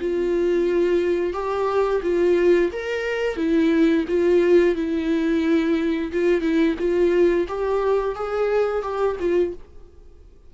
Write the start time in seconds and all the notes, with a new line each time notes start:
0.00 F4
1.33 G4
2.03 F4
2.72 A#4
3.36 E4
4.08 F4
4.75 E4
6.12 F4
6.41 E4
6.78 F4
7.48 G4
8.15 G#4
8.82 G4
9.20 F4